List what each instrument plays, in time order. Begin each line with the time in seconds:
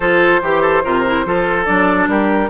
0.00 bassoon F3, clarinet F4, oboe A4, flute C5
0.42 bassoon E3, oboe G4, clarinet G4
0.61 oboe A4
0.84 bassoon C3, clarinet F4, oboe A#4
1.06 clarinet E4
1.25 bassoon F3, clarinet F4, oboe A4
1.65 bassoon F#3, clarinet D4, flute D5
2.07 bassoon G3, oboe G4, flute A#4